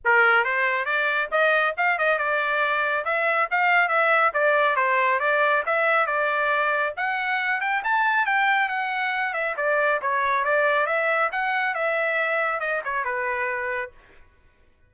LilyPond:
\new Staff \with { instrumentName = "trumpet" } { \time 4/4 \tempo 4 = 138 ais'4 c''4 d''4 dis''4 | f''8 dis''8 d''2 e''4 | f''4 e''4 d''4 c''4 | d''4 e''4 d''2 |
fis''4. g''8 a''4 g''4 | fis''4. e''8 d''4 cis''4 | d''4 e''4 fis''4 e''4~ | e''4 dis''8 cis''8 b'2 | }